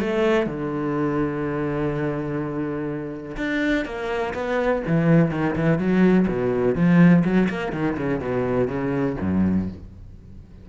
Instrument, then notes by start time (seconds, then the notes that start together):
cello
0.00 A3
0.46 D3
3.37 D4
3.85 A#3
4.34 B3
4.87 E3
5.31 D#3
5.55 E3
5.78 F#3
6.27 B2
6.75 F3
7.24 F#3
7.49 A#3
7.72 D#3
7.97 C#3
8.20 B2
8.67 C#3
9.21 F#2